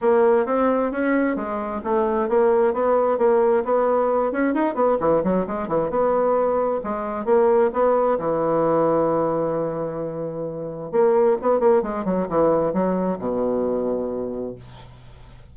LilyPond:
\new Staff \with { instrumentName = "bassoon" } { \time 4/4 \tempo 4 = 132 ais4 c'4 cis'4 gis4 | a4 ais4 b4 ais4 | b4. cis'8 dis'8 b8 e8 fis8 | gis8 e8 b2 gis4 |
ais4 b4 e2~ | e1 | ais4 b8 ais8 gis8 fis8 e4 | fis4 b,2. | }